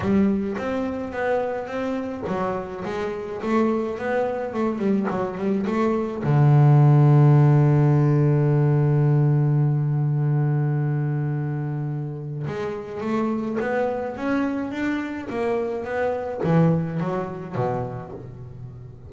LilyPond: \new Staff \with { instrumentName = "double bass" } { \time 4/4 \tempo 4 = 106 g4 c'4 b4 c'4 | fis4 gis4 a4 b4 | a8 g8 fis8 g8 a4 d4~ | d1~ |
d1~ | d2 gis4 a4 | b4 cis'4 d'4 ais4 | b4 e4 fis4 b,4 | }